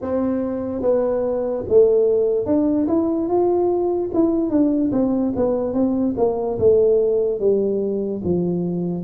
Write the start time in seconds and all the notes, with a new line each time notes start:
0.01 C4
0.81 B3
1.68 A3
2.46 D4
2.87 E4
3.28 F4
4.14 E4
4.50 D4
4.92 C4
5.36 B3
5.73 C4
6.17 A#3
6.58 A3
7.39 G3
8.24 F3